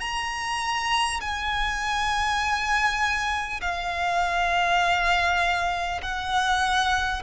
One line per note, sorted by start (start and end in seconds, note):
0.00 1.20 A#5
1.20 3.60 G#5
3.61 6.01 F5
6.02 7.22 F#5